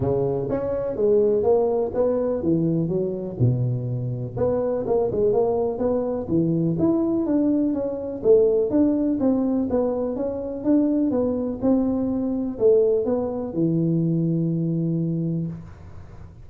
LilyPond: \new Staff \with { instrumentName = "tuba" } { \time 4/4 \tempo 4 = 124 cis4 cis'4 gis4 ais4 | b4 e4 fis4 b,4~ | b,4 b4 ais8 gis8 ais4 | b4 e4 e'4 d'4 |
cis'4 a4 d'4 c'4 | b4 cis'4 d'4 b4 | c'2 a4 b4 | e1 | }